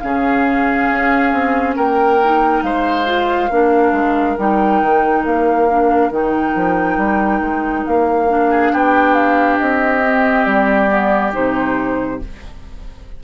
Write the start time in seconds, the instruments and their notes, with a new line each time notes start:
0.00 bassoon C#3, clarinet C#4, oboe G#4, flute F5
0.90 bassoon C#4
1.33 bassoon C4
1.76 bassoon A#3, oboe A#4, flute G5
2.24 clarinet D#4
2.63 bassoon G#3, oboe C5, flute F5
3.06 clarinet F4
3.50 bassoon A#3, clarinet D4, oboe A#4
3.93 bassoon G#3
4.38 bassoon G3, clarinet D#4, flute G5
4.82 bassoon D#3
5.25 bassoon A#3, flute F5
5.69 clarinet D4
6.11 bassoon D#3, clarinet D#4, flute G5
6.55 bassoon F3
6.97 bassoon G3
7.41 bassoon G#3
7.87 bassoon A#3, flute F5
8.28 clarinet D4
8.50 oboe G#4
8.72 bassoon B3, oboe G4, flute G5
9.14 flute F5
9.58 bassoon C4, flute D#5
10.05 clarinet C4
10.45 bassoon G3, flute D5
10.88 clarinet B3
11.33 bassoon C3, clarinet D#4, flute C5